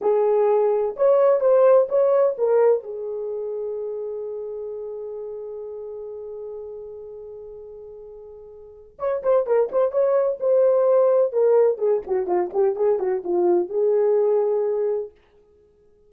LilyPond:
\new Staff \with { instrumentName = "horn" } { \time 4/4 \tempo 4 = 127 gis'2 cis''4 c''4 | cis''4 ais'4 gis'2~ | gis'1~ | gis'1~ |
gis'2. cis''8 c''8 | ais'8 c''8 cis''4 c''2 | ais'4 gis'8 fis'8 f'8 g'8 gis'8 fis'8 | f'4 gis'2. | }